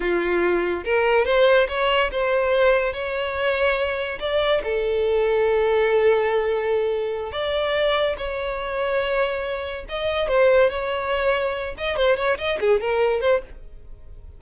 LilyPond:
\new Staff \with { instrumentName = "violin" } { \time 4/4 \tempo 4 = 143 f'2 ais'4 c''4 | cis''4 c''2 cis''4~ | cis''2 d''4 a'4~ | a'1~ |
a'4. d''2 cis''8~ | cis''2.~ cis''8 dis''8~ | dis''8 c''4 cis''2~ cis''8 | dis''8 c''8 cis''8 dis''8 gis'8 ais'4 c''8 | }